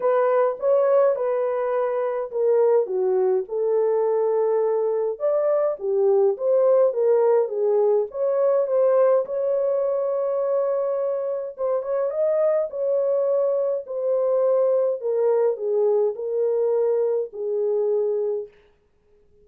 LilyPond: \new Staff \with { instrumentName = "horn" } { \time 4/4 \tempo 4 = 104 b'4 cis''4 b'2 | ais'4 fis'4 a'2~ | a'4 d''4 g'4 c''4 | ais'4 gis'4 cis''4 c''4 |
cis''1 | c''8 cis''8 dis''4 cis''2 | c''2 ais'4 gis'4 | ais'2 gis'2 | }